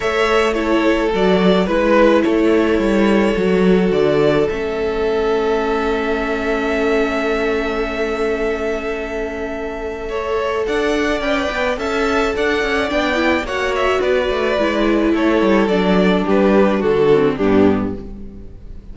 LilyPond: <<
  \new Staff \with { instrumentName = "violin" } { \time 4/4 \tempo 4 = 107 e''4 cis''4 d''4 b'4 | cis''2. d''4 | e''1~ | e''1~ |
e''2. fis''4 | g''4 a''4 fis''4 g''4 | fis''8 e''8 d''2 cis''4 | d''4 b'4 a'4 g'4 | }
  \new Staff \with { instrumentName = "violin" } { \time 4/4 cis''4 a'2 b'4 | a'1~ | a'1~ | a'1~ |
a'2 cis''4 d''4~ | d''4 e''4 d''2 | cis''4 b'2 a'4~ | a'4 g'4 fis'4 d'4 | }
  \new Staff \with { instrumentName = "viola" } { \time 4/4 a'4 e'4 fis'4 e'4~ | e'2 fis'2 | cis'1~ | cis'1~ |
cis'2 a'2 | b'4 a'2 d'8 e'8 | fis'2 e'2 | d'2~ d'8 c'8 b4 | }
  \new Staff \with { instrumentName = "cello" } { \time 4/4 a2 fis4 gis4 | a4 g4 fis4 d4 | a1~ | a1~ |
a2. d'4 | cis'8 b8 cis'4 d'8 cis'8 b4 | ais4 b8 a8 gis4 a8 g8 | fis4 g4 d4 g,4 | }
>>